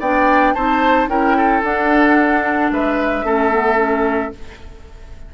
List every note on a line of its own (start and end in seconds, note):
0.00 0.55 B3
0.00 0.56 D4
0.00 0.54 D5
0.00 0.54 G5
0.54 1.08 C4
0.54 1.09 D#4
0.54 1.09 C5
0.54 1.08 A5
1.08 1.62 C#4
1.08 1.63 E4
1.08 1.37 A#4
1.08 1.63 G5
1.37 2.72 A4
1.63 2.71 D4
1.63 3.25 D4
1.63 2.72 F#5
2.71 3.23 G#3
2.71 3.26 B4
2.71 4.35 E5
3.23 4.32 A3
3.23 3.51 C#4
3.23 4.34 A4
3.51 3.76 B3
3.76 4.30 C#4